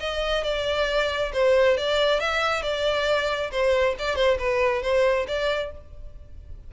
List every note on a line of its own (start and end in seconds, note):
0.00 0.43 D#5
0.43 1.32 D5
1.33 1.77 C5
1.77 2.20 D5
2.20 2.62 E5
2.62 3.50 D5
3.51 3.95 C5
3.99 4.16 D5
4.16 4.38 C5
4.38 4.82 B4
4.82 5.26 C5
5.27 5.71 D5